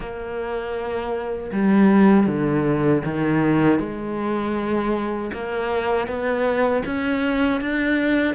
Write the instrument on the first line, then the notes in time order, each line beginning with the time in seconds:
cello
0.00 A#3
1.52 G3
2.26 D3
3.04 D#3
3.79 G#3
5.33 A#3
6.07 B3
6.85 C#4
7.61 D4